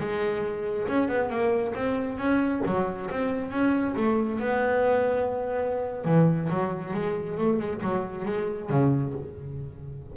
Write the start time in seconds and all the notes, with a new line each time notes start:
0.00 G#3
0.88 C#4
1.09 B3
1.30 A#3
1.75 C4
2.18 C#4
2.66 F#3
3.11 C4
3.51 C#4
3.96 A3
4.40 B3
6.05 E3
6.50 F#3
6.94 G#3
7.38 A3
7.59 G#3
7.82 F#3
8.26 G#3
8.70 C#3